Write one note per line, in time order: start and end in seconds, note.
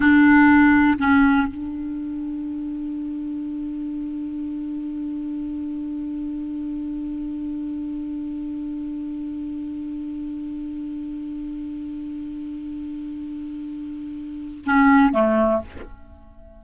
0.00 0.97 D4
0.98 1.47 C#4
1.47 14.64 D4
14.65 15.13 C#4
15.13 15.61 A3